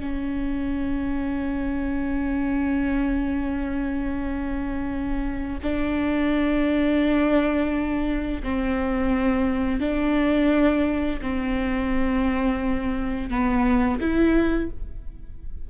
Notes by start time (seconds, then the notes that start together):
0.00 C#4
5.63 D4
8.43 C4
9.80 D4
11.21 C4
13.30 B3
14.00 E4